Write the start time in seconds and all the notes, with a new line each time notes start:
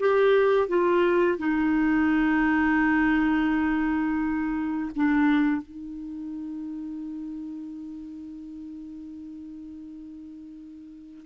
0.00 G4
0.68 F4
1.39 D#4
4.96 D4
5.63 D#4